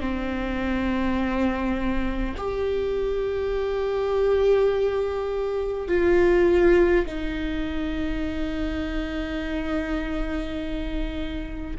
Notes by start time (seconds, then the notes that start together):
0.00 C4
2.37 G4
5.88 F4
7.06 D#4